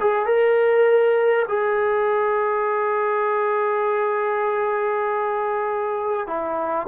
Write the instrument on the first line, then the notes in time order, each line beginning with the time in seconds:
trombone
0.00 G#4
0.26 A#4
1.48 G#4
6.27 E4